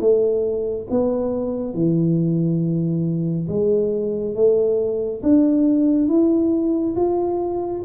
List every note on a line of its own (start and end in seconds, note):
0.00 0.87 A3
0.90 1.74 B3
1.74 3.47 E3
3.48 4.35 G#3
4.35 5.22 A3
5.23 6.08 D4
6.08 6.95 E4
6.96 7.83 F4